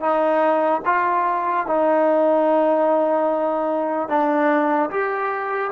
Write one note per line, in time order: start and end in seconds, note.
0.00 0.81 D#4
0.85 1.66 F4
1.66 4.08 D#4
4.08 4.89 D4
4.90 5.71 G4